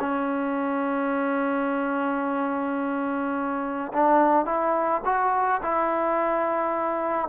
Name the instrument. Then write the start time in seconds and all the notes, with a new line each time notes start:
trombone
0.00 C#4
3.93 D4
4.46 E4
5.05 F#4
5.63 E4